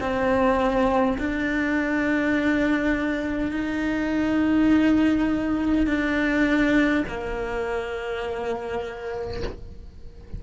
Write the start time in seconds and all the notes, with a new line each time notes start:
0.00 C4
1.18 D4
3.51 D#4
5.87 D4
7.08 A#3